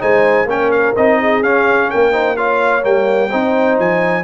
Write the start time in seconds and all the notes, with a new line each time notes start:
0.00 G#3 D#4 C5 G#5
0.45 A#3 C#4 A#4 G5
0.72 F5
0.97 C4 D#4 D#5
1.21 G#4
1.43 C#4 F5
1.90 A#3 A#4 G5
2.12 D#4 C5
2.37 F4 C#5 F5
2.83 G3 A#3 G5
3.30 C4 D#4 C5
3.79 F3 G#5